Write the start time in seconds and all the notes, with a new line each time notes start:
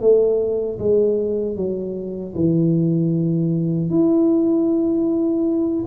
0.00 A3
0.79 G#3
1.55 F#3
2.35 E3
3.90 E4